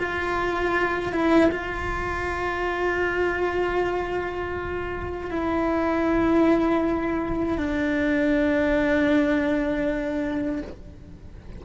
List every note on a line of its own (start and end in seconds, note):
0.00 1.13 F4
1.13 1.51 E4
1.52 5.31 F4
5.31 7.58 E4
7.58 10.62 D4